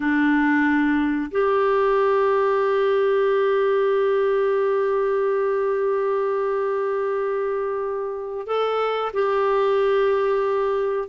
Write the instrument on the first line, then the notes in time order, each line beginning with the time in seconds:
clarinet
0.00 D4
1.31 G4
8.46 A4
9.13 G4